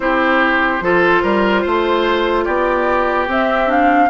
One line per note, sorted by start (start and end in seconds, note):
0.00 0.80 C4
0.00 0.82 E4
0.00 0.83 G4
0.00 2.44 C5
0.80 1.22 F3
0.80 3.28 F4
0.80 1.22 A4
1.22 1.64 G3
1.22 1.61 A#4
1.61 2.47 A3
1.61 2.44 C5
2.44 3.27 B3
2.44 4.09 G4
2.44 3.26 D5
3.27 4.09 C4
3.27 3.67 C4
3.27 3.70 E5
3.67 4.08 D4
3.67 4.10 F5